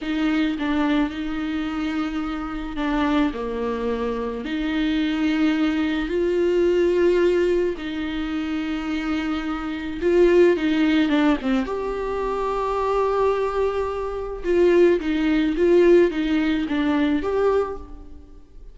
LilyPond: \new Staff \with { instrumentName = "viola" } { \time 4/4 \tempo 4 = 108 dis'4 d'4 dis'2~ | dis'4 d'4 ais2 | dis'2. f'4~ | f'2 dis'2~ |
dis'2 f'4 dis'4 | d'8 c'8 g'2.~ | g'2 f'4 dis'4 | f'4 dis'4 d'4 g'4 | }